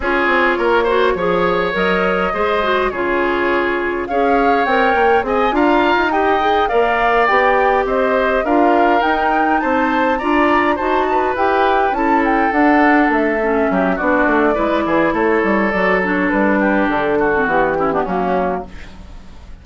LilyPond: <<
  \new Staff \with { instrumentName = "flute" } { \time 4/4 \tempo 4 = 103 cis''2. dis''4~ | dis''4 cis''2 f''4 | g''4 gis''8 ais''4 g''4 f''8~ | f''8 g''4 dis''4 f''4 g''8~ |
g''8 a''4 ais''4 a''4 g''8~ | g''8 a''8 g''8 fis''4 e''4. | d''2 cis''4 d''8 cis''8 | b'4 a'4 g'4 fis'4 | }
  \new Staff \with { instrumentName = "oboe" } { \time 4/4 gis'4 ais'8 c''8 cis''2 | c''4 gis'2 cis''4~ | cis''4 dis''8 f''4 dis''4 d''8~ | d''4. c''4 ais'4.~ |
ais'8 c''4 d''4 c''8 b'4~ | b'8 a'2. g'8 | fis'4 b'8 gis'8 a'2~ | a'8 g'4 fis'4 e'16 d'16 cis'4 | }
  \new Staff \with { instrumentName = "clarinet" } { \time 4/4 f'4. fis'8 gis'4 ais'4 | gis'8 fis'8 f'2 gis'4 | ais'4 gis'8 f'4 g'8 gis'8 ais'8~ | ais'8 g'2 f'4 dis'8~ |
dis'4. f'4 fis'4 g'8~ | g'8 e'4 d'4. cis'4 | d'4 e'2 fis'8 d'8~ | d'4.~ d'16 c'16 b8 cis'16 b16 ais4 | }
  \new Staff \with { instrumentName = "bassoon" } { \time 4/4 cis'8 c'8 ais4 f4 fis4 | gis4 cis2 cis'4 | c'8 ais8 c'8 d'8. dis'4~ dis'16 ais8~ | ais8 b4 c'4 d'4 dis'8~ |
dis'8 c'4 d'4 dis'4 e'8~ | e'8 cis'4 d'4 a4 fis8 | b8 a8 gis8 e8 a8 g8 fis4 | g4 d4 e4 fis4 | }
>>